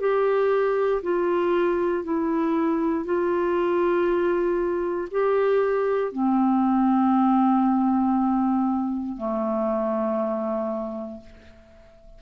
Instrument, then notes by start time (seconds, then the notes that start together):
clarinet
0.00 G4
1.03 F4
2.04 E4
3.05 F4
5.11 G4
6.12 C4
9.17 A3